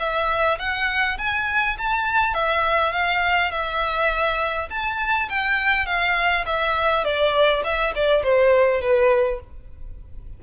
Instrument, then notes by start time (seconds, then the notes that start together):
violin
0.00 E5
0.59 F#5
1.18 G#5
1.78 A5
2.34 E5
2.93 F5
3.52 E5
4.71 A5
5.29 G5
5.86 F5
6.47 E5
7.05 D5
7.64 E5
7.96 D5
8.24 C5
8.82 B4